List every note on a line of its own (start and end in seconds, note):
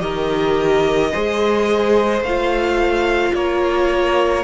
0.00 1.12 D#3
0.00 1.11 G4
0.00 1.11 A#4
0.00 2.23 D#5
1.11 2.21 G#3
1.11 2.25 G#4
1.11 3.34 C5
2.21 3.32 A3
2.21 3.34 F5
2.27 4.44 F4
3.34 4.44 A#3
3.34 4.44 A#4
3.34 4.44 C#5